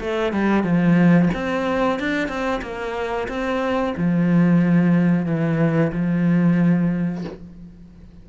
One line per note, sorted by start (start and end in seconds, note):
0.00 0.32 A3
0.32 0.63 G3
0.63 1.29 F3
1.34 1.99 C4
1.99 2.28 D4
2.28 2.61 C4
2.62 3.28 A#3
3.28 3.94 C4
3.97 5.26 F3
5.26 5.92 E3
5.92 7.24 F3